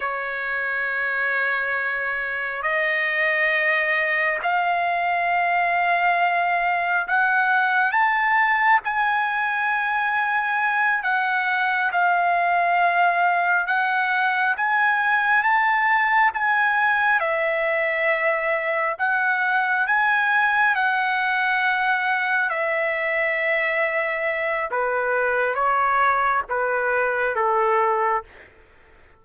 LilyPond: \new Staff \with { instrumentName = "trumpet" } { \time 4/4 \tempo 4 = 68 cis''2. dis''4~ | dis''4 f''2. | fis''4 a''4 gis''2~ | gis''8 fis''4 f''2 fis''8~ |
fis''8 gis''4 a''4 gis''4 e''8~ | e''4. fis''4 gis''4 fis''8~ | fis''4. e''2~ e''8 | b'4 cis''4 b'4 a'4 | }